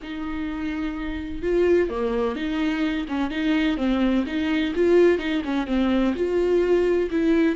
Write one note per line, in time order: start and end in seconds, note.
0.02 1.42 D#4
1.42 1.89 F4
1.89 2.35 A#3
2.35 3.06 D#4
3.08 3.30 C#4
3.30 3.77 D#4
3.77 4.24 C4
4.26 4.73 D#4
4.75 5.18 F4
5.18 5.42 D#4
5.44 5.66 C#4
5.66 6.14 C4
6.15 7.09 F4
7.10 7.55 E4